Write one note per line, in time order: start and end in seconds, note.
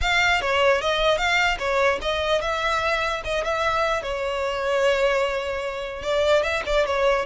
0.01 0.41 F5
0.41 0.81 C#5
0.81 1.17 D#5
1.17 1.57 F5
1.59 1.99 C#5
2.01 2.41 D#5
2.41 3.21 E5
3.24 3.44 D#5
3.44 4.02 E5
4.02 6.02 C#5
6.02 6.42 D5
6.42 6.62 E5
6.66 6.85 D5
6.85 7.25 C#5